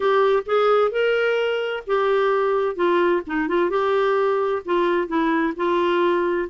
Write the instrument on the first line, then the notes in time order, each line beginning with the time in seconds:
clarinet
0.00 G4
0.46 G#4
0.91 A#4
1.87 G4
2.75 F4
3.26 D#4
3.48 F4
3.70 G4
4.65 F4
5.07 E4
5.56 F4